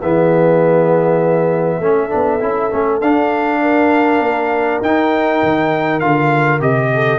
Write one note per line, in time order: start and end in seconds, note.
0.00 1.80 E3
0.00 1.82 B3
0.00 1.80 G#4
0.00 3.01 E5
1.80 2.10 A3
1.80 2.09 C#4
1.80 3.62 A4
2.09 2.42 B3
2.09 2.39 D4
2.40 2.72 C#4
2.40 2.70 E4
2.71 3.01 A3
2.71 3.01 C#4
3.01 4.20 D4
3.01 4.84 D4
3.01 4.81 F5
3.62 6.92 A#4
4.20 4.80 A#3
4.81 5.41 D#4
4.81 6.01 D#4
4.81 6.00 G5
5.43 6.02 D#3
6.00 6.60 D3
6.00 6.60 F4
6.00 6.60 F5
6.60 7.19 C3
6.60 7.19 G4
6.60 7.19 D#5
6.94 7.19 A4